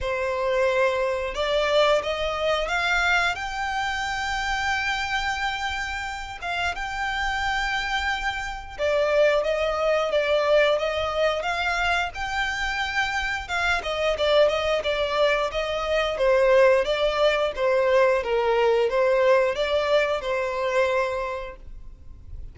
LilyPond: \new Staff \with { instrumentName = "violin" } { \time 4/4 \tempo 4 = 89 c''2 d''4 dis''4 | f''4 g''2.~ | g''4. f''8 g''2~ | g''4 d''4 dis''4 d''4 |
dis''4 f''4 g''2 | f''8 dis''8 d''8 dis''8 d''4 dis''4 | c''4 d''4 c''4 ais'4 | c''4 d''4 c''2 | }